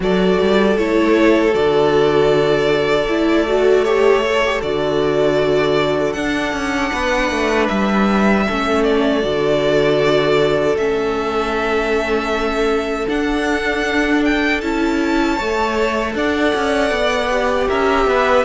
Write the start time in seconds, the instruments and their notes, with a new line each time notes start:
0.00 cello F#3, viola F#4, violin A4 D5
0.40 cello G3
0.77 cello A3, viola E4, violin C#5
1.51 cello D3, viola F#4, violin D5
3.07 cello A3, viola E4
3.47 viola F#4
3.84 viola G4, violin C#5
4.24 viola A4
4.45 viola G4
4.62 cello D3, viola F#4, violin D5
6.12 cello D4, viola D4, violin F#5
6.52 cello C#4
6.92 cello B3, violin B4
7.30 cello A3
7.68 cello G3, violin E5
8.46 cello A3, viola C#4, violin A4
8.83 violin D5
9.22 cello D3, viola F#4
10.75 cello A3, viola C#4, violin E5
13.08 viola D4, cello D4, violin F#5
14.24 violin G5
14.61 cello C#4, viola E4, violin A5
15.36 cello A3, viola A4, violin C#5
16.15 cello D4, violin D5 F#5
16.55 cello C#4
16.90 cello B3
17.30 viola G4
17.67 cello C#4, violin A#4 E5
18.06 cello B3, violin B4